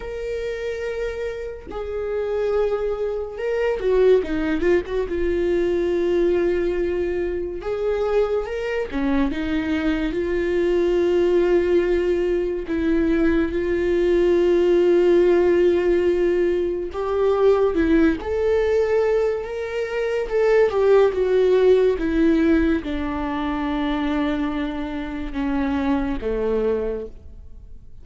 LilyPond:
\new Staff \with { instrumentName = "viola" } { \time 4/4 \tempo 4 = 71 ais'2 gis'2 | ais'8 fis'8 dis'8 f'16 fis'16 f'2~ | f'4 gis'4 ais'8 cis'8 dis'4 | f'2. e'4 |
f'1 | g'4 e'8 a'4. ais'4 | a'8 g'8 fis'4 e'4 d'4~ | d'2 cis'4 a4 | }